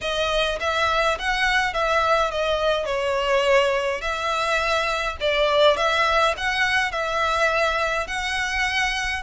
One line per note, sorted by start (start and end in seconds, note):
0.01 0.58 D#5
0.60 1.17 E5
1.18 1.73 F#5
1.73 2.30 E5
2.30 2.85 D#5
2.85 4.01 C#5
4.01 5.16 E5
5.20 5.76 D5
5.76 6.34 E5
6.37 6.91 F#5
6.91 8.07 E5
8.07 9.22 F#5